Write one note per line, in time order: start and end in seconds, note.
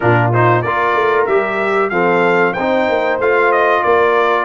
0.00 0.64 A#2
0.00 0.32 D4
0.00 0.63 F4
0.00 0.31 A#4
0.33 0.65 D#4
0.33 0.61 C5
0.61 0.94 A#3
0.61 1.29 F4
0.61 1.90 A#4
0.61 1.25 D5
0.94 1.26 A3
1.26 1.90 G3
1.26 1.91 G4
1.26 1.89 E5
1.89 2.54 F3
1.89 2.55 C4
1.89 2.54 A4
1.89 2.53 F5
2.53 2.89 C4
2.53 3.81 C5
2.53 3.17 G5
2.59 3.21 D#4
2.89 3.19 A#3
3.19 3.83 A3
3.19 4.44 F4
3.19 3.52 F5
3.52 3.83 D#5
3.83 4.44 A#3
3.83 4.44 A#4
3.83 4.44 D5